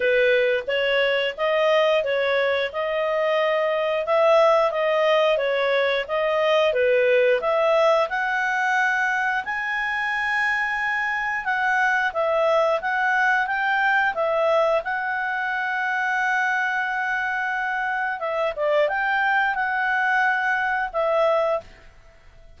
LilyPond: \new Staff \with { instrumentName = "clarinet" } { \time 4/4 \tempo 4 = 89 b'4 cis''4 dis''4 cis''4 | dis''2 e''4 dis''4 | cis''4 dis''4 b'4 e''4 | fis''2 gis''2~ |
gis''4 fis''4 e''4 fis''4 | g''4 e''4 fis''2~ | fis''2. e''8 d''8 | g''4 fis''2 e''4 | }